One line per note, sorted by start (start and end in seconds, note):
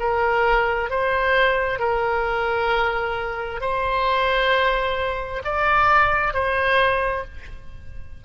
0.00 0.90 A#4
0.90 1.80 C5
1.80 3.61 A#4
3.61 5.43 C5
5.45 6.34 D5
6.34 7.25 C5